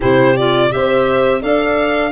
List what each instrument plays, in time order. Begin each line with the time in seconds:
0.00 tuba C3, clarinet E4, horn G4, violin C5
0.36 clarinet F4, violin D5
0.70 tuba C4, clarinet G4, horn C5, violin E5
1.41 tuba D4, clarinet A4, horn D5, violin F5